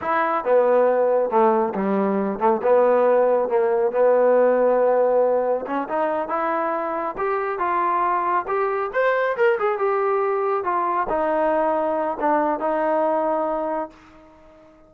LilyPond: \new Staff \with { instrumentName = "trombone" } { \time 4/4 \tempo 4 = 138 e'4 b2 a4 | g4. a8 b2 | ais4 b2.~ | b4 cis'8 dis'4 e'4.~ |
e'8 g'4 f'2 g'8~ | g'8 c''4 ais'8 gis'8 g'4.~ | g'8 f'4 dis'2~ dis'8 | d'4 dis'2. | }